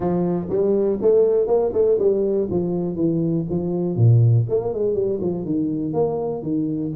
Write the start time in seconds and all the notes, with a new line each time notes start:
0.00 F3
0.49 G3
1.01 A3
1.47 A#3
1.73 A3
1.98 G3
2.50 F3
2.95 E3
3.49 F3
3.96 A#2
4.49 A#3
4.73 G#3
4.94 G3
5.21 F3
5.45 D#3
5.93 A#3
6.42 D#3